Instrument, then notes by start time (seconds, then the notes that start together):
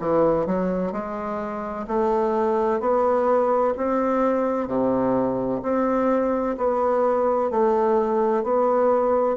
bassoon
0.00 E3
0.47 F#3
0.93 G#3
1.88 A3
2.80 B3
3.78 C4
4.68 C3
5.63 C4
6.58 B3
7.51 A3
8.44 B3